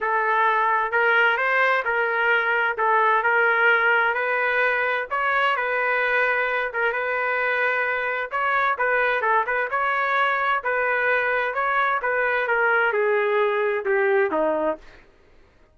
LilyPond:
\new Staff \with { instrumentName = "trumpet" } { \time 4/4 \tempo 4 = 130 a'2 ais'4 c''4 | ais'2 a'4 ais'4~ | ais'4 b'2 cis''4 | b'2~ b'8 ais'8 b'4~ |
b'2 cis''4 b'4 | a'8 b'8 cis''2 b'4~ | b'4 cis''4 b'4 ais'4 | gis'2 g'4 dis'4 | }